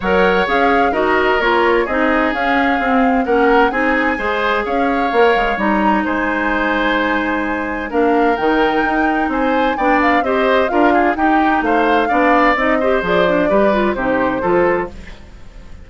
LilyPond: <<
  \new Staff \with { instrumentName = "flute" } { \time 4/4 \tempo 4 = 129 fis''4 f''4 dis''4 cis''4 | dis''4 f''2 fis''4 | gis''2 f''2 | ais''4 gis''2.~ |
gis''4 f''4 g''2 | gis''4 g''8 f''8 dis''4 f''4 | g''4 f''2 dis''4 | d''2 c''2 | }
  \new Staff \with { instrumentName = "oboe" } { \time 4/4 cis''2 ais'2 | gis'2. ais'4 | gis'4 c''4 cis''2~ | cis''4 c''2.~ |
c''4 ais'2. | c''4 d''4 c''4 ais'8 gis'8 | g'4 c''4 d''4. c''8~ | c''4 b'4 g'4 a'4 | }
  \new Staff \with { instrumentName = "clarinet" } { \time 4/4 ais'4 gis'4 fis'4 f'4 | dis'4 cis'4 c'4 cis'4 | dis'4 gis'2 ais'4 | dis'1~ |
dis'4 d'4 dis'2~ | dis'4 d'4 g'4 f'4 | dis'2 d'4 dis'8 g'8 | gis'8 d'8 g'8 f'8 dis'4 f'4 | }
  \new Staff \with { instrumentName = "bassoon" } { \time 4/4 fis4 cis'4 dis'4 ais4 | c'4 cis'4 c'4 ais4 | c'4 gis4 cis'4 ais8 gis8 | g4 gis2.~ |
gis4 ais4 dis4 dis'4 | c'4 b4 c'4 d'4 | dis'4 a4 b4 c'4 | f4 g4 c4 f4 | }
>>